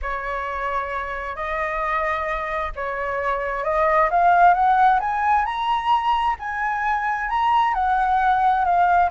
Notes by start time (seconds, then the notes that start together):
0.02 C#5
1.35 D#5
2.75 C#5
3.64 D#5
4.10 F5
4.54 F#5
5.00 G#5
5.45 A#5
6.39 G#5
7.29 A#5
7.74 F#5
8.64 F5